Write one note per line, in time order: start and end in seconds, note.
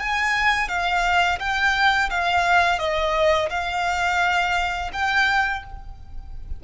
0.00 0.69 G#5
0.69 1.39 F5
1.39 2.10 G5
2.10 2.79 F5
2.79 3.49 D#5
3.50 4.91 F5
4.93 5.63 G5